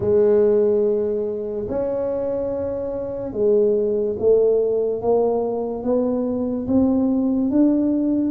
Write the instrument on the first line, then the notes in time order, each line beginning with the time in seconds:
tuba
0.00 G#3
1.68 C#4
3.33 G#3
4.19 A3
5.02 A#3
5.83 B3
6.67 C4
7.50 D4